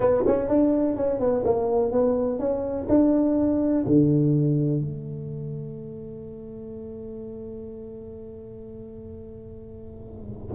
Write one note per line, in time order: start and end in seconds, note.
0.00 0.23 B3
0.26 0.48 C#4
0.48 0.96 D4
0.96 1.19 C#4
1.19 1.43 B3
1.44 1.91 A#3
1.91 2.39 B3
2.39 2.87 C#4
2.88 3.84 D4
3.86 4.80 D3
4.80 10.54 A3